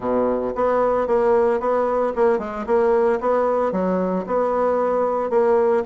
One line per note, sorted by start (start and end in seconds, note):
0.00 0.53 B2
0.55 1.07 B3
1.07 1.59 A#3
1.59 2.12 B3
2.15 2.38 A#3
2.38 2.65 G#3
2.66 3.19 A#3
3.20 3.72 B3
3.72 4.25 F#3
4.26 5.30 B3
5.30 5.83 A#3